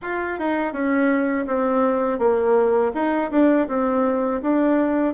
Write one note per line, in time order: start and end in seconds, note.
0.02 0.38 F4
0.39 0.73 D#4
0.73 1.46 C#4
1.46 2.19 C4
2.19 2.92 A#3
2.94 3.31 D#4
3.31 3.67 D4
3.68 4.41 C4
4.42 5.14 D4